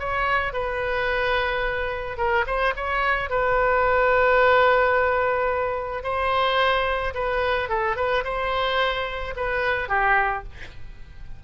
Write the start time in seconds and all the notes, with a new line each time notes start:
0.00 C#5
0.54 B4
2.18 A#4
2.47 C5
2.76 C#5
3.31 B4
6.04 C5
7.15 B4
7.69 A4
7.97 B4
8.25 C5
9.37 B4
9.89 G4